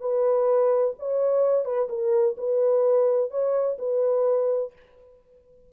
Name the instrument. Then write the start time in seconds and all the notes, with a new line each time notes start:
horn
0.00 B4
0.99 C#5
1.65 B4
1.89 A#4
2.37 B4
3.30 C#5
3.78 B4